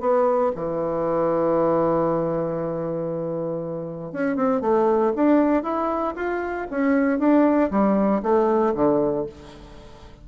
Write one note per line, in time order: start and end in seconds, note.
0.00 0.51 B3
0.55 4.13 E3
4.13 4.36 C#4
4.36 4.61 C4
4.61 5.13 A3
5.16 5.63 D4
5.63 6.14 E4
6.16 6.67 F4
6.71 7.19 C#4
7.19 7.70 D4
7.71 8.22 G3
8.23 8.74 A3
8.75 9.26 D3